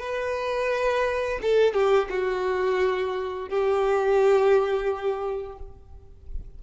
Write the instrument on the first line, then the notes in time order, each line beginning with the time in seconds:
violin
0.00 B4
1.42 A4
1.74 G4
2.10 F#4
3.49 G4